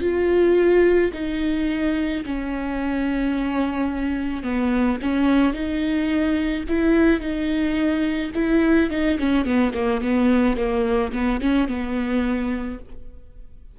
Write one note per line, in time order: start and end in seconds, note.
0.00 1.11 F4
1.13 2.24 D#4
2.25 4.43 C#4
4.43 4.98 B3
5.02 5.53 C#4
5.53 6.64 D#4
6.68 7.20 E4
7.20 8.31 D#4
8.34 8.90 E4
8.90 9.18 D#4
9.19 9.45 C#4
9.45 9.73 B3
9.73 10.01 A#3
10.01 10.57 B3
10.57 11.12 A#3
11.13 11.40 B3
11.40 11.68 C#4
11.68 12.79 B3